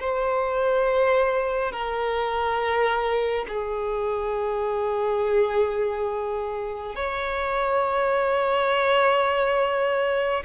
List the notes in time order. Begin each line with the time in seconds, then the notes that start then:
0.00 C5
1.72 A#4
3.49 G#4
6.96 C#5